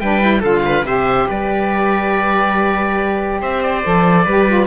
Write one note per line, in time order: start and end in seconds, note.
0.00 0.44 G3
0.00 0.22 D4
0.00 0.41 B4
0.00 0.43 G5
0.22 0.43 E4
0.41 0.84 D3
0.41 0.86 F4
0.41 0.62 A4
0.41 0.87 F5
0.66 0.87 B4
0.84 1.26 C3
0.84 3.84 G4
0.84 1.29 C5
0.84 1.29 E5
1.29 3.43 G3
1.29 3.41 B4
1.29 3.42 D5
3.42 3.85 C4
3.42 4.25 C5
3.42 3.63 E5
3.63 4.67 D5
3.84 4.27 F3
3.84 4.27 A4
4.25 4.67 G3
4.25 4.48 G4
4.25 4.67 B4
4.48 4.67 F4